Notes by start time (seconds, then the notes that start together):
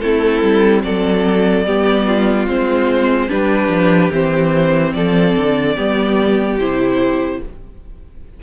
0.00 A3 C4 E4 A4
0.42 G3
0.83 F#3 A4 D5
1.65 G3 B3 G4
2.07 F4
2.47 G#3 C4 C5
3.29 G3 D4 G4 B4
3.68 F3
4.12 E3 C4 C5
4.93 F3 A4 D5
5.36 D3
5.76 G3 B3 G4
6.58 C3 E4 C5